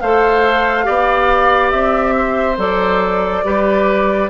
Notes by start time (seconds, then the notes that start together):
0.00 A3 A4 C5 F5
0.83 B3 G4 D5
1.71 C4 E5
2.17 C5
2.57 F#3 A4 D5
3.44 G3 G4 B4